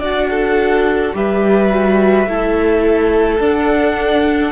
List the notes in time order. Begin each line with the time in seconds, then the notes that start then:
0.00 D4 F#4 D5 F#5
0.30 A4
1.13 G3 G4 B4 E5
1.70 F#4
2.26 A3 E4 A4
3.40 D4 F#5